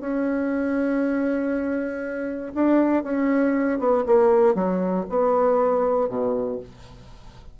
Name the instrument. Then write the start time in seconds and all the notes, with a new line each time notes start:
bassoon
0.00 C#4
2.54 D4
3.03 C#4
3.78 B3
4.06 A#3
4.54 F#3
5.09 B3
6.08 B2